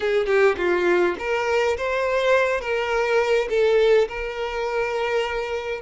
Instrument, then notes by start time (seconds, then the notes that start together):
violin
0.00 G#4
0.26 G4
0.57 F4
1.18 A#4
1.77 C5
2.61 A#4
3.49 A4
4.08 A#4